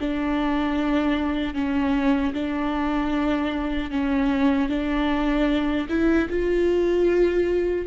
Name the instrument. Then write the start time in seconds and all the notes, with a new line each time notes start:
viola
0.00 D4
1.54 C#4
2.34 D4
3.91 C#4
4.69 D4
5.89 E4
6.29 F4